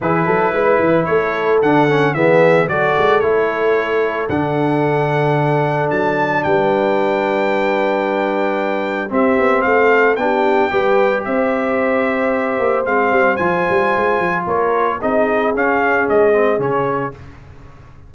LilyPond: <<
  \new Staff \with { instrumentName = "trumpet" } { \time 4/4 \tempo 4 = 112 b'2 cis''4 fis''4 | e''4 d''4 cis''2 | fis''2. a''4 | g''1~ |
g''4 e''4 f''4 g''4~ | g''4 e''2. | f''4 gis''2 cis''4 | dis''4 f''4 dis''4 cis''4 | }
  \new Staff \with { instrumentName = "horn" } { \time 4/4 gis'8 a'8 b'4 a'2 | gis'4 a'2.~ | a'1 | b'1~ |
b'4 g'4 a'4 g'4 | b'4 c''2.~ | c''2. ais'4 | gis'1 | }
  \new Staff \with { instrumentName = "trombone" } { \time 4/4 e'2. d'8 cis'8 | b4 fis'4 e'2 | d'1~ | d'1~ |
d'4 c'2 d'4 | g'1 | c'4 f'2. | dis'4 cis'4. c'8 cis'4 | }
  \new Staff \with { instrumentName = "tuba" } { \time 4/4 e8 fis8 gis8 e8 a4 d4 | e4 fis8 gis8 a2 | d2. fis4 | g1~ |
g4 c'8 b8 a4 b4 | g4 c'2~ c'8 ais8 | gis8 g8 f8 g8 gis8 f8 ais4 | c'4 cis'4 gis4 cis4 | }
>>